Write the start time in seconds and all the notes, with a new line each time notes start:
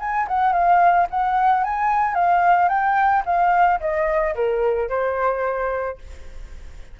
0.00 G#5
0.28 F#5
0.53 F5
1.10 F#5
1.64 G#5
2.15 F5
2.69 G5
3.25 F5
3.80 D#5
4.35 A#4
4.89 C5